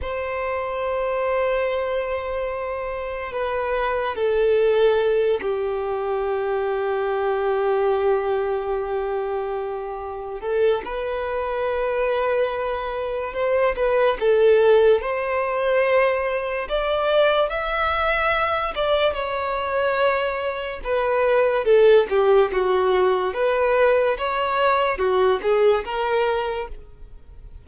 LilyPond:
\new Staff \with { instrumentName = "violin" } { \time 4/4 \tempo 4 = 72 c''1 | b'4 a'4. g'4.~ | g'1~ | g'8 a'8 b'2. |
c''8 b'8 a'4 c''2 | d''4 e''4. d''8 cis''4~ | cis''4 b'4 a'8 g'8 fis'4 | b'4 cis''4 fis'8 gis'8 ais'4 | }